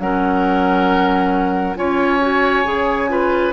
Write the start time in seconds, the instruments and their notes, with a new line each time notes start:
0.00 bassoon F#3, clarinet C#4, oboe A#4, flute F#5
1.76 bassoon C#4, clarinet F4, oboe C#5, flute G#5
2.22 clarinet F#4
2.65 bassoon C#3, clarinet G#4
3.09 clarinet F4, oboe B4